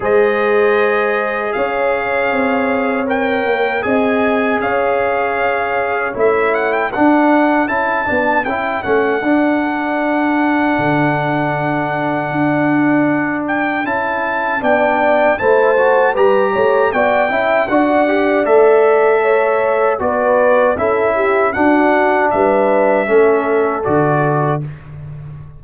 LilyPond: <<
  \new Staff \with { instrumentName = "trumpet" } { \time 4/4 \tempo 4 = 78 dis''2 f''2 | g''4 gis''4 f''2 | e''8 fis''16 g''16 fis''4 a''4 g''8 fis''8~ | fis''1~ |
fis''4. g''8 a''4 g''4 | a''4 ais''4 g''4 fis''4 | e''2 d''4 e''4 | fis''4 e''2 d''4 | }
  \new Staff \with { instrumentName = "horn" } { \time 4/4 c''2 cis''2~ | cis''4 dis''4 cis''2~ | cis''4 a'2.~ | a'1~ |
a'2. d''4 | c''4 b'8 cis''8 d''8 e''8 d''4~ | d''4 cis''4 b'4 a'8 g'8 | fis'4 b'4 a'2 | }
  \new Staff \with { instrumentName = "trombone" } { \time 4/4 gis'1 | ais'4 gis'2. | e'4 d'4 e'8 d'8 e'8 cis'8 | d'1~ |
d'2 e'4 d'4 | e'8 fis'8 g'4 fis'8 e'8 fis'8 g'8 | a'2 fis'4 e'4 | d'2 cis'4 fis'4 | }
  \new Staff \with { instrumentName = "tuba" } { \time 4/4 gis2 cis'4 c'4~ | c'8 ais8 c'4 cis'2 | a4 d'4 cis'8 b8 cis'8 a8 | d'2 d2 |
d'2 cis'4 b4 | a4 g8 a8 b8 cis'8 d'4 | a2 b4 cis'4 | d'4 g4 a4 d4 | }
>>